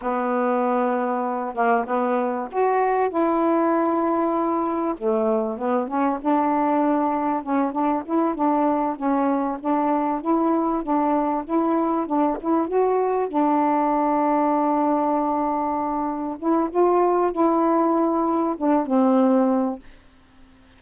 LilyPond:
\new Staff \with { instrumentName = "saxophone" } { \time 4/4 \tempo 4 = 97 b2~ b8 ais8 b4 | fis'4 e'2. | a4 b8 cis'8 d'2 | cis'8 d'8 e'8 d'4 cis'4 d'8~ |
d'8 e'4 d'4 e'4 d'8 | e'8 fis'4 d'2~ d'8~ | d'2~ d'8 e'8 f'4 | e'2 d'8 c'4. | }